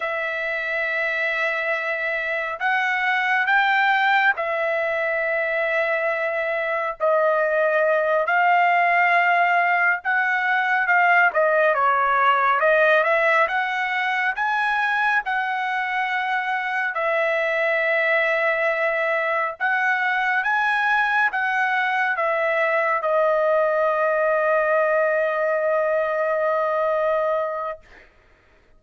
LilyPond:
\new Staff \with { instrumentName = "trumpet" } { \time 4/4 \tempo 4 = 69 e''2. fis''4 | g''4 e''2. | dis''4. f''2 fis''8~ | fis''8 f''8 dis''8 cis''4 dis''8 e''8 fis''8~ |
fis''8 gis''4 fis''2 e''8~ | e''2~ e''8 fis''4 gis''8~ | gis''8 fis''4 e''4 dis''4.~ | dis''1 | }